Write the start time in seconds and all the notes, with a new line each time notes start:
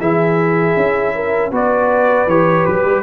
0.00 E3 E4 G#4 E5
0.77 C#4
1.16 A#4
1.52 B3 F#4 B4 D5
2.27 E3 G4 C#5
2.66 F#3 B4
2.85 G3